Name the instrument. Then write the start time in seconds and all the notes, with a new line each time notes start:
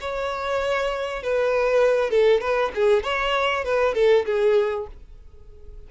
violin
0.00 C#5
1.23 B4
2.10 A4
2.41 B4
2.74 G#4
3.03 C#5
3.64 B4
3.94 A4
4.25 G#4